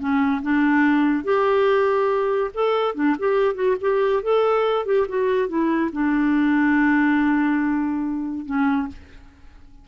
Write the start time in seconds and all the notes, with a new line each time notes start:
0.00 C#4
0.43 D4
1.24 G4
2.54 A4
2.95 D4
3.19 G4
3.55 F#4
3.81 G4
4.23 A4
4.86 G4
5.09 F#4
5.49 E4
5.93 D4
8.46 C#4